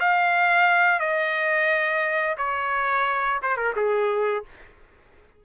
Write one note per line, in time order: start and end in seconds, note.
0.00 0.99 F5
0.99 2.36 D#5
2.37 3.40 C#5
3.42 3.56 C5
3.56 3.73 A#4
3.76 4.44 G#4